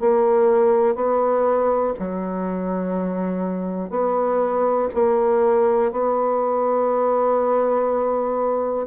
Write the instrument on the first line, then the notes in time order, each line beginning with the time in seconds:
bassoon
0.00 A#3
0.95 B3
1.99 F#3
3.90 B3
4.94 A#3
5.92 B3